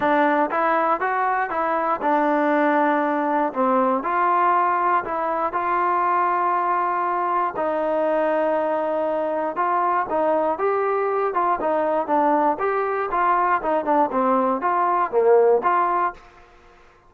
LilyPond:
\new Staff \with { instrumentName = "trombone" } { \time 4/4 \tempo 4 = 119 d'4 e'4 fis'4 e'4 | d'2. c'4 | f'2 e'4 f'4~ | f'2. dis'4~ |
dis'2. f'4 | dis'4 g'4. f'8 dis'4 | d'4 g'4 f'4 dis'8 d'8 | c'4 f'4 ais4 f'4 | }